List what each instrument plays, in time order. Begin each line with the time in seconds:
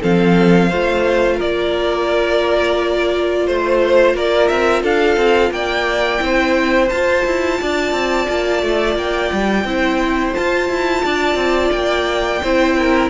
0.00 cello F3, viola C4, violin A4 F5
0.69 cello A3, viola F4, violin C5
1.36 cello A#3, violin A#4 D5
3.47 cello A3, violin C5
4.15 cello A#3, violin A#4 D5
4.48 cello C4, violin E5
4.82 cello D4, violin A4 F5
5.16 cello C4
5.50 cello A#3, violin D5 G5
6.19 cello C4, viola E4, violin C5
6.88 cello F4, viola F4, violin A5
7.25 cello E4
7.60 cello D4, violin D5
7.92 cello C4
8.29 cello A#3
8.62 cello A3
8.95 cello A#3, violin G5
9.32 cello G3
9.64 cello C4, viola E4, violin C5
10.34 viola F4, cello F4, violin A5
10.69 cello E4
11.04 cello D4, violin D5
11.35 cello C4
11.71 cello A#3, violin G5
12.42 cello C4, viola E4, violin C5
12.78 violin A#4